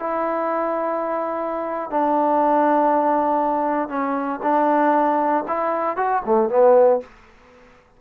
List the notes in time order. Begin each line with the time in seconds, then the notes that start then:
0.00 E4
1.90 D4
3.89 C#4
4.43 D4
5.48 E4
5.97 F#4
6.26 A3
6.50 B3